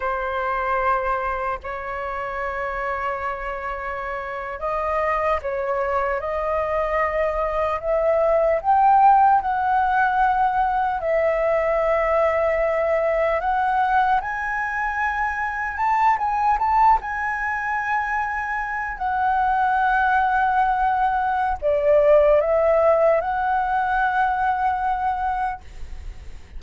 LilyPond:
\new Staff \with { instrumentName = "flute" } { \time 4/4 \tempo 4 = 75 c''2 cis''2~ | cis''4.~ cis''16 dis''4 cis''4 dis''16~ | dis''4.~ dis''16 e''4 g''4 fis''16~ | fis''4.~ fis''16 e''2~ e''16~ |
e''8. fis''4 gis''2 a''16~ | a''16 gis''8 a''8 gis''2~ gis''8 fis''16~ | fis''2. d''4 | e''4 fis''2. | }